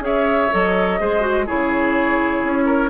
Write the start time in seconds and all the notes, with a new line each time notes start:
0.00 C#4 G#4 C#5 E5
0.52 F#3 A4 D#5
0.99 G#3 G#4 C5
1.21 F#4
1.46 C#3 E4 G#4 C#5
2.44 C#4
2.66 A#4